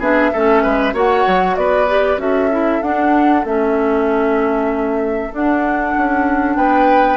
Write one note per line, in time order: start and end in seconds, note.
0.00 0.31 B3
0.00 0.33 D4
0.00 0.31 G#4
0.00 0.96 E5
0.33 0.65 A3
0.33 0.94 C#4
0.33 0.63 A4
0.63 0.94 G#3
0.63 0.94 B4
0.94 1.25 A#3
0.94 1.87 F#4
0.94 1.56 C#5
0.94 1.57 F#5
1.27 1.57 F#3
1.57 2.18 B3
1.57 2.22 B4
1.57 2.19 D5
1.88 2.18 G4
2.18 2.80 C#4
2.18 2.50 F#4
2.18 6.57 A4
2.18 2.83 E5
2.51 2.82 E4
2.83 3.45 D4
2.83 3.45 F#5
3.45 5.32 A3
3.45 5.32 C#4
3.45 5.34 E5
5.32 7.18 D4
5.32 5.95 D4
5.32 6.56 F#5
5.98 6.57 C#4
6.56 7.18 B3
6.56 7.18 B4
6.56 7.18 G5